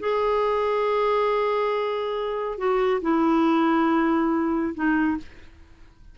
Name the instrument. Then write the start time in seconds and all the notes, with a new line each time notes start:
clarinet
0.00 G#4
2.58 F#4
3.02 E4
4.75 D#4